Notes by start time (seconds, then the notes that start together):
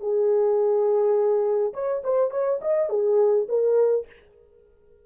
0.00 G#4
1.73 C#5
2.04 C5
2.31 C#5
2.61 D#5
2.90 G#4
3.48 A#4